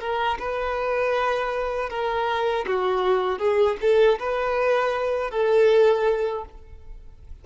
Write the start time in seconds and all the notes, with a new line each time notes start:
0.00 A#4
0.39 B4
1.90 A#4
2.67 F#4
3.39 G#4
3.81 A4
4.19 B4
5.31 A4